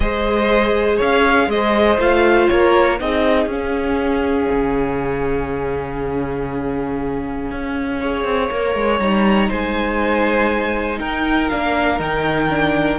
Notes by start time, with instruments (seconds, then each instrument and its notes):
0.00 cello G#3, viola G#4, violin C5 D#5
0.96 cello C#4, violin C#5 F5
1.47 cello G#3, violin C5 D#5
1.98 cello A3, viola F4, violin F5
2.48 cello A#3, violin A#4 C#5
2.99 cello C4, viola D#4, violin G#4 D#5
3.46 cello C#4, viola C#4, violin F5
4.51 cello C#3
7.51 cello C#4
8.00 viola G#4, violin C#5
8.24 cello C4
8.49 cello A#3, viola A#4
8.75 cello G#3
8.99 cello G3, viola D#4, violin A#5
9.48 cello G#3, violin C5 G#5
10.99 cello D#4, violin A#4 G5
11.49 cello A#3, viola D4, violin F5
11.98 cello D#3, viola D#4, violin G5
12.49 viola D4